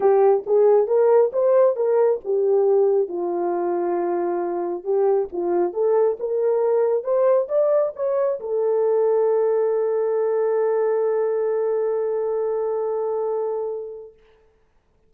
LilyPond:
\new Staff \with { instrumentName = "horn" } { \time 4/4 \tempo 4 = 136 g'4 gis'4 ais'4 c''4 | ais'4 g'2 f'4~ | f'2. g'4 | f'4 a'4 ais'2 |
c''4 d''4 cis''4 a'4~ | a'1~ | a'1~ | a'1 | }